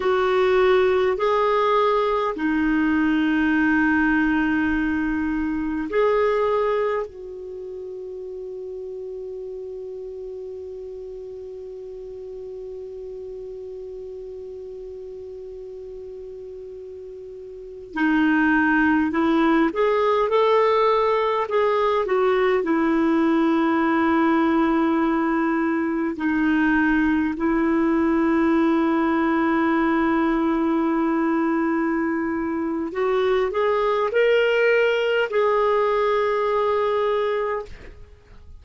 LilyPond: \new Staff \with { instrumentName = "clarinet" } { \time 4/4 \tempo 4 = 51 fis'4 gis'4 dis'2~ | dis'4 gis'4 fis'2~ | fis'1~ | fis'2.~ fis'16 dis'8.~ |
dis'16 e'8 gis'8 a'4 gis'8 fis'8 e'8.~ | e'2~ e'16 dis'4 e'8.~ | e'1 | fis'8 gis'8 ais'4 gis'2 | }